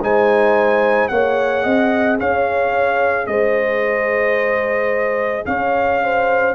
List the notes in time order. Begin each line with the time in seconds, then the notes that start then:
0.00 G#3 D#4 C5 G#5
1.08 A#3 G#4 C#5 F#5
1.64 C4 D#5
2.20 C#4 C#5 F5
3.27 G#3 C5 D#5
5.46 C#4 C#5 F5
6.04 C5